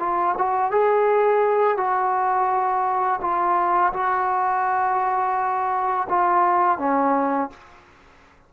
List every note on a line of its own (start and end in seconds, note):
0.00 0.36 F4
0.38 0.72 F#4
0.72 1.78 G#4
1.78 3.20 F#4
3.22 3.93 F4
3.94 6.08 F#4
6.09 6.79 F4
6.79 7.50 C#4